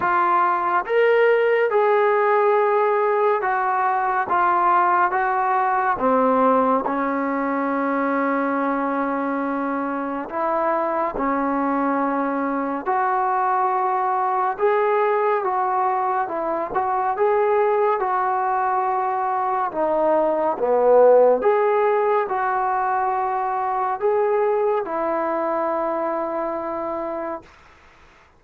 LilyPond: \new Staff \with { instrumentName = "trombone" } { \time 4/4 \tempo 4 = 70 f'4 ais'4 gis'2 | fis'4 f'4 fis'4 c'4 | cis'1 | e'4 cis'2 fis'4~ |
fis'4 gis'4 fis'4 e'8 fis'8 | gis'4 fis'2 dis'4 | b4 gis'4 fis'2 | gis'4 e'2. | }